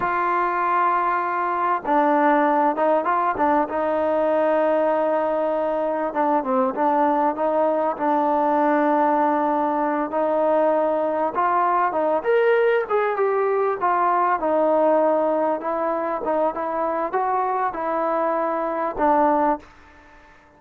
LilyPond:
\new Staff \with { instrumentName = "trombone" } { \time 4/4 \tempo 4 = 98 f'2. d'4~ | d'8 dis'8 f'8 d'8 dis'2~ | dis'2 d'8 c'8 d'4 | dis'4 d'2.~ |
d'8 dis'2 f'4 dis'8 | ais'4 gis'8 g'4 f'4 dis'8~ | dis'4. e'4 dis'8 e'4 | fis'4 e'2 d'4 | }